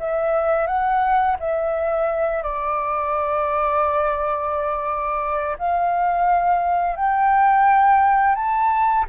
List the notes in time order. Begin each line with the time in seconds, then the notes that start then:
0.00 E5
0.67 F#5
1.40 E5
2.43 D5
5.58 F5
6.96 G5
8.36 A5